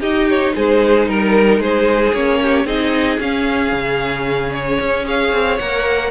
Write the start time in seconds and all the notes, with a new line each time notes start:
0.00 D#4 G4 D#5
0.29 C#5
0.55 G#3 G#4 C5
1.08 G3 A#4
1.59 G#3 G#4 C5
2.13 A#3 C#4 C#5
2.42 G4
2.65 C4 D#4 G#4 D#5
3.20 C#4 F5
3.72 C#3
4.53 C#5
4.80 C#4
5.04 G#4 C#5 F5
5.33 C4
5.58 A#3 A#4 F#5